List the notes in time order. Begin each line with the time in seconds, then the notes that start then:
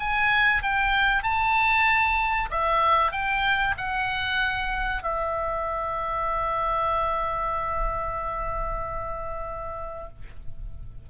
0.00 G#5
0.63 G5
1.23 A5
2.51 E5
3.12 G5
3.78 F#5
5.04 E5